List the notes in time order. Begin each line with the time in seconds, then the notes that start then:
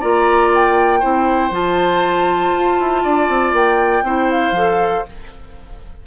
0.00 A#3 F4 D5 A#5
0.54 G5
1.00 C4 E4 C5
1.51 F3 F4 A5
2.55 F4
2.79 E4
3.03 D4 D5
3.29 C4
3.52 A#3 G5
4.03 C4 E4 C5
4.31 F5
4.52 F3 A4